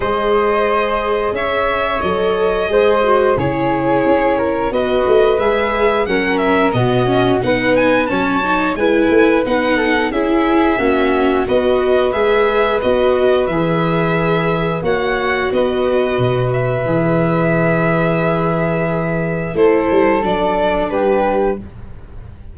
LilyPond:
<<
  \new Staff \with { instrumentName = "violin" } { \time 4/4 \tempo 4 = 89 dis''2 e''4 dis''4~ | dis''4 cis''2 dis''4 | e''4 fis''8 e''8 dis''4 fis''8 gis''8 | a''4 gis''4 fis''4 e''4~ |
e''4 dis''4 e''4 dis''4 | e''2 fis''4 dis''4~ | dis''8 e''2.~ e''8~ | e''4 c''4 d''4 b'4 | }
  \new Staff \with { instrumentName = "flute" } { \time 4/4 c''2 cis''2 | c''4 gis'4. ais'8 b'4~ | b'4 ais'4 fis'4 b'4 | cis''4 b'4. a'8 gis'4 |
fis'4 b'2.~ | b'2 cis''4 b'4~ | b'1~ | b'4 a'2 g'4 | }
  \new Staff \with { instrumentName = "viola" } { \time 4/4 gis'2. a'4 | gis'8 fis'8 e'2 fis'4 | gis'4 cis'4 b8 cis'8 dis'4 | cis'8 dis'8 e'4 dis'4 e'4 |
cis'4 fis'4 gis'4 fis'4 | gis'2 fis'2~ | fis'4 gis'2.~ | gis'4 e'4 d'2 | }
  \new Staff \with { instrumentName = "tuba" } { \time 4/4 gis2 cis'4 fis4 | gis4 cis4 cis'4 b8 a8 | gis4 fis4 b,4 b4 | fis4 gis8 a8 b4 cis'4 |
ais4 b4 gis4 b4 | e2 ais4 b4 | b,4 e2.~ | e4 a8 g8 fis4 g4 | }
>>